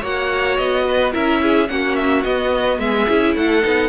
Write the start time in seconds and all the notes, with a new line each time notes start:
0.00 A#3 F#4 C#5 F#5
0.57 B3 D#5
0.88 B4
1.12 C#4 E4 A#4 E5
1.42 G#4
1.68 A#3 C#4 F#4 F#5
1.95 E5
2.24 B3 D#5
2.79 G#3 G#4 E5
3.08 C#4 E4
3.36 A3 A4 F#5
3.61 B3 D#4